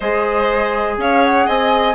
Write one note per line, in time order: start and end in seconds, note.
0.00 0.97 G#3
0.00 1.94 G#4
0.00 0.98 C5
0.00 0.96 D#5
0.97 1.46 C#4
0.97 1.46 C#5
0.97 1.23 F5
1.23 1.48 F#5
1.46 1.94 C4
1.46 1.94 D#5
1.46 1.94 G#5